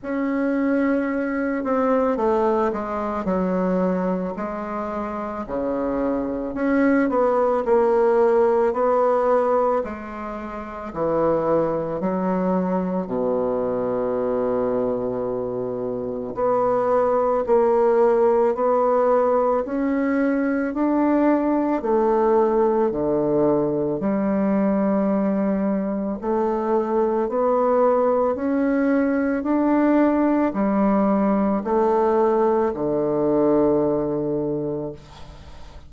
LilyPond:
\new Staff \with { instrumentName = "bassoon" } { \time 4/4 \tempo 4 = 55 cis'4. c'8 a8 gis8 fis4 | gis4 cis4 cis'8 b8 ais4 | b4 gis4 e4 fis4 | b,2. b4 |
ais4 b4 cis'4 d'4 | a4 d4 g2 | a4 b4 cis'4 d'4 | g4 a4 d2 | }